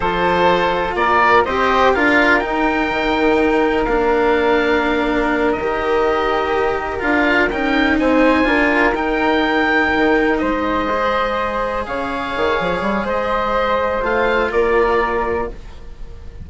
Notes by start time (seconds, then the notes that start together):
0.00 F3 F4 A4 C5
0.94 A#3 A#4 D5
1.44 C4 G4 C5 D#5
1.93 D4 F4 A#4 F5
2.39 D#4 G5
2.90 D#3
3.84 A#3 D4 F5
5.52 D#5
5.59 D#3 G4
6.99 D4 F4 F5
7.49 C#4 D#4 G5
7.99 C4 C5 G#5
8.44 D4 F4 A#4
8.93 D#4 G5
9.95 D#3
10.38 G#3 C5 D#5
10.89 G#4
11.86 C#3 C#5 F5
12.36 D#3
12.60 F3
12.81 G3
13.04 G#3 C5 D#5
14.02 A3 F4 F5
14.51 A#3 A#4 D5